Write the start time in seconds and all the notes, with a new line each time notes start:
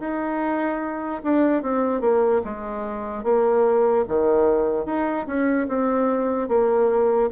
0.00 D#4
1.23 D4
1.62 C4
2.00 A#3
2.44 G#3
3.24 A#3
4.08 D#3
4.85 D#4
5.26 C#4
5.68 C4
6.48 A#3